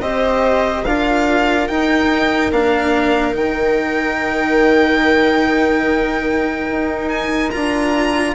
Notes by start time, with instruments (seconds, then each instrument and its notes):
0.00 bassoon C4, cello G4, viola C5, violin D#5
0.84 bassoon D4, cello F4, viola A#4, violin F5
1.67 cello D#4, bassoon D#4, violin G5
2.51 bassoon A#3, cello D4, violin F5
3.32 bassoon D#3, cello D#4, violin G5
6.70 bassoon D#4
7.09 violin G#5
7.50 bassoon D4, cello F4, violin A#5